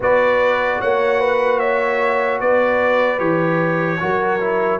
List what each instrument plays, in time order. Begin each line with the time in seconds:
0.00 tuba B3, trombone F#4, horn B4, trumpet D5
0.80 tuba A#3, horn C#5, trumpet F#5
1.19 horn B4
1.59 horn C#5, trumpet E5
2.40 tuba B3, horn B4, trumpet D5
3.18 tuba E3, trombone G4, trumpet C#5
3.99 tuba F#3, trombone F#4, horn A#4
4.40 trombone E4